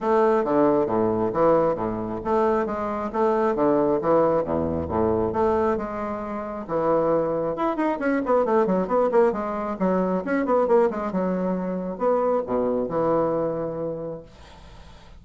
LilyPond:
\new Staff \with { instrumentName = "bassoon" } { \time 4/4 \tempo 4 = 135 a4 d4 a,4 e4 | a,4 a4 gis4 a4 | d4 e4 e,4 a,4 | a4 gis2 e4~ |
e4 e'8 dis'8 cis'8 b8 a8 fis8 | b8 ais8 gis4 fis4 cis'8 b8 | ais8 gis8 fis2 b4 | b,4 e2. | }